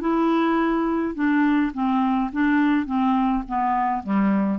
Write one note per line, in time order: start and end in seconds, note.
0.00 1.14 E4
1.15 1.72 D4
1.73 2.30 C4
2.32 2.86 D4
2.86 3.43 C4
3.48 4.03 B3
4.03 4.59 G3